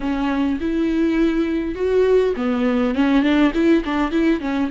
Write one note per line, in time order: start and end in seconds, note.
0.00 0.59 C#4
0.60 1.75 E4
1.75 2.34 F#4
2.36 2.94 B3
2.94 3.22 C#4
3.22 3.52 D4
3.53 3.83 E4
3.84 4.11 D4
4.11 4.40 E4
4.40 4.70 C#4